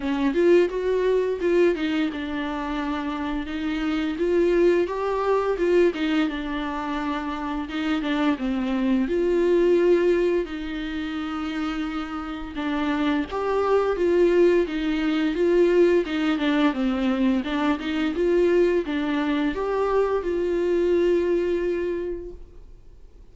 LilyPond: \new Staff \with { instrumentName = "viola" } { \time 4/4 \tempo 4 = 86 cis'8 f'8 fis'4 f'8 dis'8 d'4~ | d'4 dis'4 f'4 g'4 | f'8 dis'8 d'2 dis'8 d'8 | c'4 f'2 dis'4~ |
dis'2 d'4 g'4 | f'4 dis'4 f'4 dis'8 d'8 | c'4 d'8 dis'8 f'4 d'4 | g'4 f'2. | }